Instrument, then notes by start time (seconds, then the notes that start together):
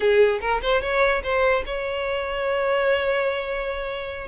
violin
0.00 G#4
0.40 A#4
0.62 C5
0.81 C#5
1.23 C5
1.65 C#5